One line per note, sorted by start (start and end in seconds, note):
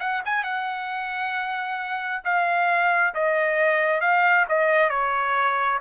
0.00 0.22 F#5
0.25 0.44 G#5
0.44 2.23 F#5
2.24 3.14 F5
3.15 4.01 D#5
4.01 4.46 F5
4.49 4.90 D#5
4.90 5.79 C#5